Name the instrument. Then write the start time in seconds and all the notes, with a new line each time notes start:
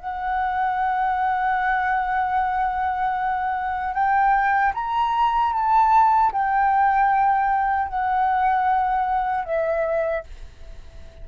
flute
0.00 F#5
3.94 G5
4.74 A#5
5.53 A5
6.33 G5
7.89 F#5
9.45 E5